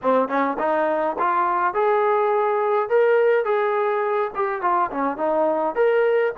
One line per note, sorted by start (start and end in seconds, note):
0.02 0.28 C4
0.28 0.57 C#4
0.58 1.16 D#4
1.19 1.73 F4
1.73 2.89 G#4
2.89 3.44 A#4
3.44 4.31 G#4
4.35 4.61 G4
4.61 4.90 F4
4.91 5.17 C#4
5.17 5.75 D#4
5.75 6.33 A#4